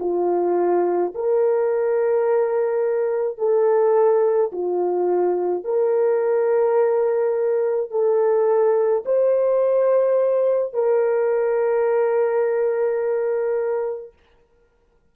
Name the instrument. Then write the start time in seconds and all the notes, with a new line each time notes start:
horn
0.00 F4
1.15 A#4
3.38 A4
4.52 F4
5.64 A#4
7.90 A4
9.06 C5
10.73 A#4